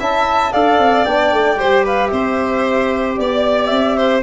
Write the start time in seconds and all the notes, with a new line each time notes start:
0.00 C#4 E4 E5 A5
0.53 D4 A4 D5 F5
0.79 C4
1.05 B3 D4 G5
1.33 A3
1.57 G3 G4 C5
1.84 B4 F5
2.08 C4 C5 E5
3.17 B3 D5
3.67 C4 E5
3.97 C5